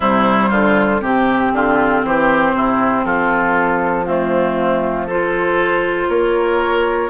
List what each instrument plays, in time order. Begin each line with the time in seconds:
0.00 bassoon C3, clarinet G3, oboe E4, flute C5
0.49 bassoon D3, oboe F4
1.00 bassoon C3, clarinet C4, oboe G4, flute G4
1.53 bassoon D3, oboe F4
2.04 bassoon E3, oboe G4, flute C5
2.53 bassoon C3, oboe E4
3.04 bassoon F3, oboe F4, flute A4
4.05 clarinet A3, oboe C4, flute F4
5.06 clarinet F4, oboe A4, flute C5
6.08 bassoon A#3, oboe A#4, flute C#5